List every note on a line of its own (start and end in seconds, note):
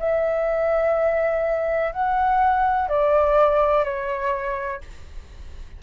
0.00 1.93 E5
1.93 2.89 F#5
2.89 3.84 D5
3.84 4.81 C#5